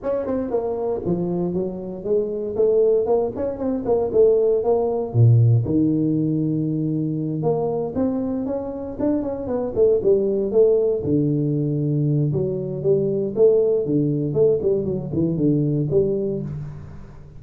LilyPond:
\new Staff \with { instrumentName = "tuba" } { \time 4/4 \tempo 4 = 117 cis'8 c'8 ais4 f4 fis4 | gis4 a4 ais8 cis'8 c'8 ais8 | a4 ais4 ais,4 dis4~ | dis2~ dis8 ais4 c'8~ |
c'8 cis'4 d'8 cis'8 b8 a8 g8~ | g8 a4 d2~ d8 | fis4 g4 a4 d4 | a8 g8 fis8 e8 d4 g4 | }